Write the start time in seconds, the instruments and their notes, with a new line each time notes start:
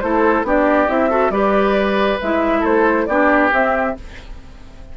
0.00 bassoon A3, clarinet E4, oboe A4, flute C5
0.43 bassoon B3, clarinet D4, oboe G4, flute D5
0.88 bassoon C4, clarinet E4, flute E5
1.09 clarinet F#4, oboe A4
1.30 bassoon G3, clarinet G4, oboe B4, flute D5
2.21 bassoon G#3, clarinet E4, flute E5
2.60 bassoon A3, oboe A4, flute C5
3.06 bassoon B3, clarinet D4, oboe G4, flute D5
3.51 clarinet C4, bassoon C4, flute E5